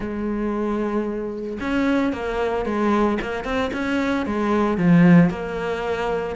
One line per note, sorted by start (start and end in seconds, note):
0.00 1.58 G#3
1.60 2.12 C#4
2.12 2.65 A#3
2.65 3.18 G#3
3.21 3.44 A#3
3.44 3.70 C4
3.73 4.26 C#4
4.26 4.77 G#3
4.77 5.30 F3
5.30 6.35 A#3